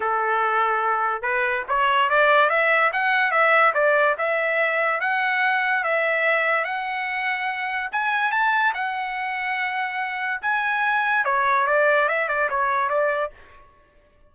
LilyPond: \new Staff \with { instrumentName = "trumpet" } { \time 4/4 \tempo 4 = 144 a'2. b'4 | cis''4 d''4 e''4 fis''4 | e''4 d''4 e''2 | fis''2 e''2 |
fis''2. gis''4 | a''4 fis''2.~ | fis''4 gis''2 cis''4 | d''4 e''8 d''8 cis''4 d''4 | }